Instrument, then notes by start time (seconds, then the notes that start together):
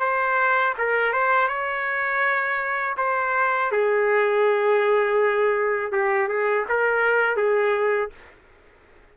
trumpet
0.00 C5
0.78 A#4
1.13 C5
1.48 C#5
2.97 C5
3.72 G#4
5.92 G4
6.29 G#4
6.69 A#4
7.36 G#4